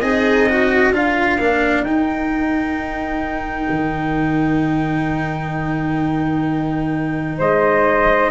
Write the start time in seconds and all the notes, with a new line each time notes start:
0.00 C4 D#4 G#4 D#5
0.49 F#4
0.92 D4 F4 A#4 F5
1.38 A#3 D4
1.82 D#4 G5
3.70 D#3
7.38 G#3 C5 D#5